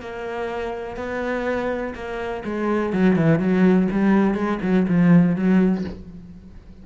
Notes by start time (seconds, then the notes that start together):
0.00 A#3
0.96 B3
1.94 A#3
2.44 G#3
2.92 F#3
3.16 E3
3.39 F#3
3.91 G3
4.34 G#3
4.62 F#3
4.88 F3
5.35 F#3